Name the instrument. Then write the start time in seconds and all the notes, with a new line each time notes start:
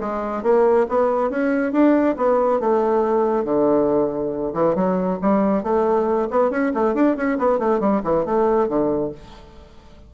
bassoon
0.00 G#3
0.42 A#3
0.89 B3
1.30 C#4
1.72 D4
2.17 B3
2.59 A3
3.44 D3
4.53 E3
4.75 F#3
5.21 G3
5.63 A3
6.30 B3
6.50 C#4
6.74 A3
6.94 D4
7.16 C#4
7.38 B3
7.58 A3
7.80 G3
8.03 E3
8.25 A3
8.68 D3